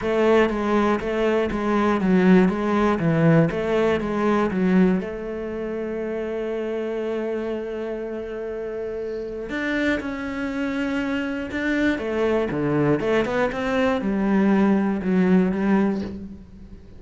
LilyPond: \new Staff \with { instrumentName = "cello" } { \time 4/4 \tempo 4 = 120 a4 gis4 a4 gis4 | fis4 gis4 e4 a4 | gis4 fis4 a2~ | a1~ |
a2. d'4 | cis'2. d'4 | a4 d4 a8 b8 c'4 | g2 fis4 g4 | }